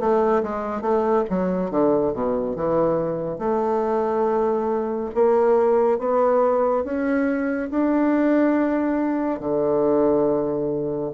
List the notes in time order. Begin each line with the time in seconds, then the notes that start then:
0.00 A3
0.44 G#3
0.81 A3
1.30 F#3
1.71 D3
2.13 B2
2.56 E3
3.39 A3
5.15 A#3
5.99 B3
6.85 C#4
7.71 D4
9.40 D3